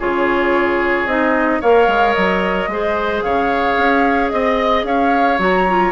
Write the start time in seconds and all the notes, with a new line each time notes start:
0.00 C#3 F4 G#4 C#5
1.06 C4 D#4 D#5
1.61 A#3 A#4 C#5 F5
1.88 G#3
2.14 F#3 D#5
2.68 G#3 G#4 C5
3.23 C#3 C#5 F5
3.78 C#4
4.30 C4 D#5
4.84 C#4 C#5 F5
5.39 F#3 F#4 A#5
5.69 F4